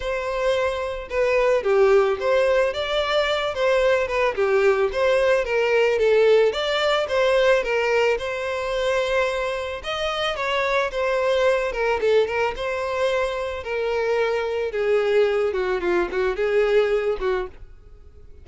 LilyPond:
\new Staff \with { instrumentName = "violin" } { \time 4/4 \tempo 4 = 110 c''2 b'4 g'4 | c''4 d''4. c''4 b'8 | g'4 c''4 ais'4 a'4 | d''4 c''4 ais'4 c''4~ |
c''2 dis''4 cis''4 | c''4. ais'8 a'8 ais'8 c''4~ | c''4 ais'2 gis'4~ | gis'8 fis'8 f'8 fis'8 gis'4. fis'8 | }